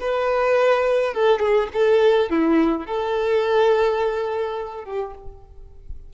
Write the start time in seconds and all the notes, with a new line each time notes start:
0.00 B4
1.14 A4
1.39 G#4
1.73 A4
2.30 E4
2.86 A4
4.84 G4